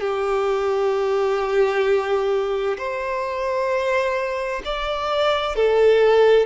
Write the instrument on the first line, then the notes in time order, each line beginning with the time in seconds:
violin
0.00 G4
2.77 C5
4.65 D5
5.56 A4